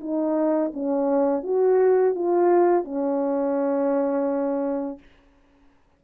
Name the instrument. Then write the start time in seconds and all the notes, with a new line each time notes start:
horn
0.00 D#4
0.73 C#4
1.43 F#4
2.14 F4
2.84 C#4